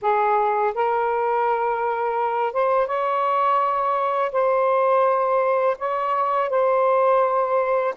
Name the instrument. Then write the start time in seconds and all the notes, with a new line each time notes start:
saxophone
0.01 G#4
0.74 A#4
2.53 C5
2.87 C#5
4.32 C5
5.78 C#5
6.49 C5